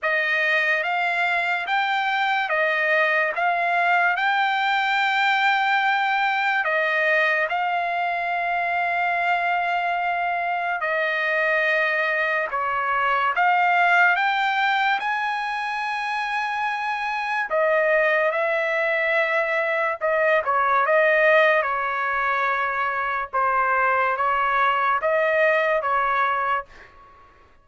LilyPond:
\new Staff \with { instrumentName = "trumpet" } { \time 4/4 \tempo 4 = 72 dis''4 f''4 g''4 dis''4 | f''4 g''2. | dis''4 f''2.~ | f''4 dis''2 cis''4 |
f''4 g''4 gis''2~ | gis''4 dis''4 e''2 | dis''8 cis''8 dis''4 cis''2 | c''4 cis''4 dis''4 cis''4 | }